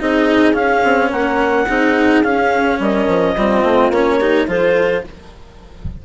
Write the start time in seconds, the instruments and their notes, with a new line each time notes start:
0.00 bassoon C4, cello D#4, horn G#4, clarinet D#5
0.54 cello C#4, bassoon C#4, clarinet F5
0.84 bassoon C4
1.10 bassoon A#3, horn A#4, clarinet F#5
1.69 bassoon C4, cello D#4, horn G#4
2.23 bassoon C#4, cello C#4, clarinet F5
2.80 bassoon G3, horn A#4, clarinet D#5
3.08 bassoon F3
3.35 bassoon G3, cello C4, horn F4
3.64 bassoon A3
3.90 bassoon A#3, cello C#4, clarinet C#5
4.19 cello D#4, horn G4
4.48 bassoon F3, cello F4, horn A4, clarinet C5